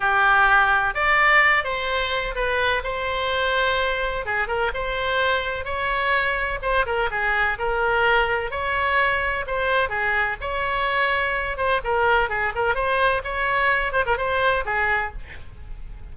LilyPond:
\new Staff \with { instrumentName = "oboe" } { \time 4/4 \tempo 4 = 127 g'2 d''4. c''8~ | c''4 b'4 c''2~ | c''4 gis'8 ais'8 c''2 | cis''2 c''8 ais'8 gis'4 |
ais'2 cis''2 | c''4 gis'4 cis''2~ | cis''8 c''8 ais'4 gis'8 ais'8 c''4 | cis''4. c''16 ais'16 c''4 gis'4 | }